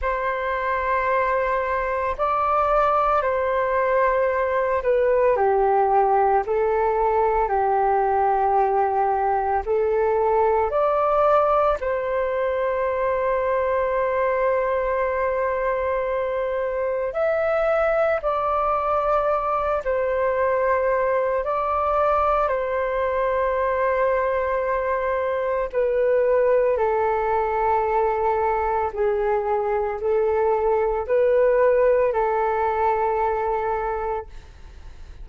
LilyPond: \new Staff \with { instrumentName = "flute" } { \time 4/4 \tempo 4 = 56 c''2 d''4 c''4~ | c''8 b'8 g'4 a'4 g'4~ | g'4 a'4 d''4 c''4~ | c''1 |
e''4 d''4. c''4. | d''4 c''2. | b'4 a'2 gis'4 | a'4 b'4 a'2 | }